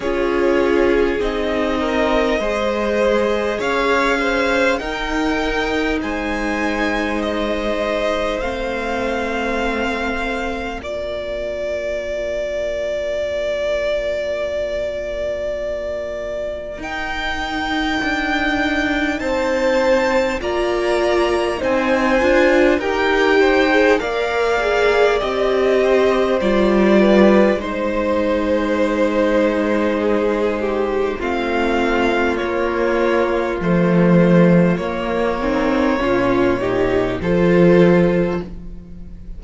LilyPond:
<<
  \new Staff \with { instrumentName = "violin" } { \time 4/4 \tempo 4 = 50 cis''4 dis''2 f''4 | g''4 gis''4 dis''4 f''4~ | f''4 d''2.~ | d''2 g''2 |
a''4 ais''4 gis''4 g''4 | f''4 dis''4 d''4 c''4~ | c''2 f''4 cis''4 | c''4 cis''2 c''4 | }
  \new Staff \with { instrumentName = "violin" } { \time 4/4 gis'4. ais'8 c''4 cis''8 c''8 | ais'4 c''2.~ | c''4 ais'2.~ | ais'1 |
c''4 d''4 c''4 ais'8 c''8 | d''4. c''4 b'8 c''4~ | c''4 gis'8 g'8 f'2~ | f'4. dis'8 f'8 g'8 a'4 | }
  \new Staff \with { instrumentName = "viola" } { \time 4/4 f'4 dis'4 gis'2 | dis'2. c'4~ | c'4 f'2.~ | f'2 dis'2~ |
dis'4 f'4 dis'8 f'8 g'8. gis'16 | ais'8 gis'8 g'4 f'4 dis'4~ | dis'2 c'4 ais4 | a4 ais8 c'8 cis'8 dis'8 f'4 | }
  \new Staff \with { instrumentName = "cello" } { \time 4/4 cis'4 c'4 gis4 cis'4 | dis'4 gis2 a4~ | a4 ais2.~ | ais2 dis'4 d'4 |
c'4 ais4 c'8 d'8 dis'4 | ais4 c'4 g4 gis4~ | gis2 a4 ais4 | f4 ais4 ais,4 f4 | }
>>